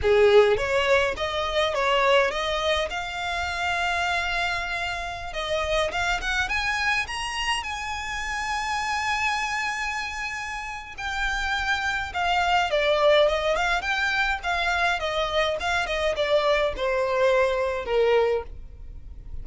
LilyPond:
\new Staff \with { instrumentName = "violin" } { \time 4/4 \tempo 4 = 104 gis'4 cis''4 dis''4 cis''4 | dis''4 f''2.~ | f''4~ f''16 dis''4 f''8 fis''8 gis''8.~ | gis''16 ais''4 gis''2~ gis''8.~ |
gis''2. g''4~ | g''4 f''4 d''4 dis''8 f''8 | g''4 f''4 dis''4 f''8 dis''8 | d''4 c''2 ais'4 | }